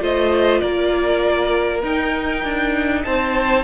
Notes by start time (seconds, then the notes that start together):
0.00 A3 F4 C5 D#5
0.60 A#3 A#4 D5
1.83 D#4 G5
2.44 D4
3.04 C4 C5 A5